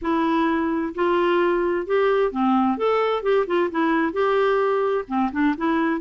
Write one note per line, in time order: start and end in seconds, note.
0.01 0.94 E4
0.95 1.86 F4
1.86 2.31 G4
2.31 2.77 C4
2.77 3.22 A4
3.22 3.46 G4
3.46 3.69 F4
3.70 4.12 E4
4.12 5.05 G4
5.07 5.30 C4
5.32 5.55 D4
5.57 6.00 E4